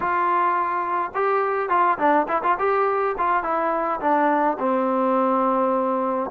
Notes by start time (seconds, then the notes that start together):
0.00 F4
1.14 G4
1.69 F4
1.98 D4
2.28 E4
2.43 F4
2.58 G4
3.17 F4
3.43 E4
4.00 D4
4.59 C4